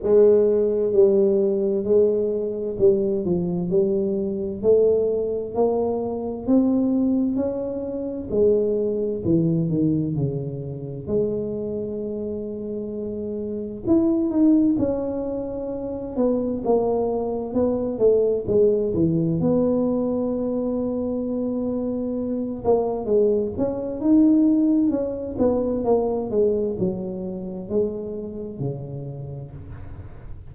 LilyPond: \new Staff \with { instrumentName = "tuba" } { \time 4/4 \tempo 4 = 65 gis4 g4 gis4 g8 f8 | g4 a4 ais4 c'4 | cis'4 gis4 e8 dis8 cis4 | gis2. e'8 dis'8 |
cis'4. b8 ais4 b8 a8 | gis8 e8 b2.~ | b8 ais8 gis8 cis'8 dis'4 cis'8 b8 | ais8 gis8 fis4 gis4 cis4 | }